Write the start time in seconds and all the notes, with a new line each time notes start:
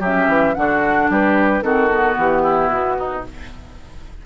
0.00 F#3 C#4 G4 E5
0.28 E3
0.55 D3 D4 F#4 F#5
1.10 G3 G4 B4
1.62 D#3 C4 F#4 A4
1.90 B3
2.17 E3 G4
2.42 E4
2.68 B2 F#4
2.99 D#4